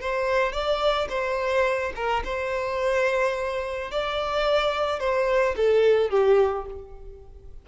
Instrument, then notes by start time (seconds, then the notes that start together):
violin
0.00 C5
0.52 D5
1.09 C5
1.95 A#4
2.24 C5
3.91 D5
4.99 C5
5.56 A4
6.10 G4